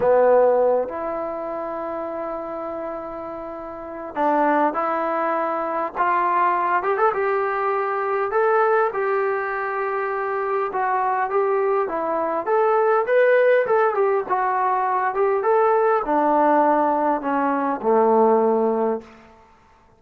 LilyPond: \new Staff \with { instrumentName = "trombone" } { \time 4/4 \tempo 4 = 101 b4. e'2~ e'8~ | e'2. d'4 | e'2 f'4. g'16 a'16 | g'2 a'4 g'4~ |
g'2 fis'4 g'4 | e'4 a'4 b'4 a'8 g'8 | fis'4. g'8 a'4 d'4~ | d'4 cis'4 a2 | }